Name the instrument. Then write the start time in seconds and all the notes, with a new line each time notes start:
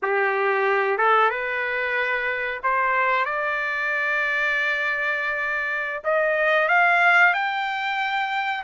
trumpet
0.02 G4
0.98 A4
1.30 B4
2.63 C5
3.25 D5
6.04 D#5
6.68 F5
7.33 G5